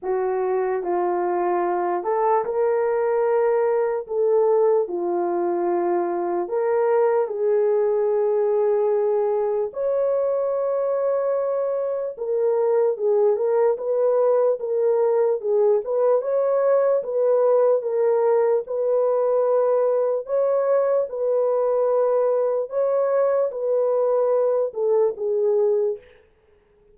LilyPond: \new Staff \with { instrumentName = "horn" } { \time 4/4 \tempo 4 = 74 fis'4 f'4. a'8 ais'4~ | ais'4 a'4 f'2 | ais'4 gis'2. | cis''2. ais'4 |
gis'8 ais'8 b'4 ais'4 gis'8 b'8 | cis''4 b'4 ais'4 b'4~ | b'4 cis''4 b'2 | cis''4 b'4. a'8 gis'4 | }